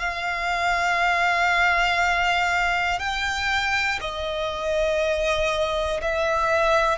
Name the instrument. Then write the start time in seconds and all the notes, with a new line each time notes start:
violin
0.00 F5
3.00 G5
4.01 D#5
6.02 E5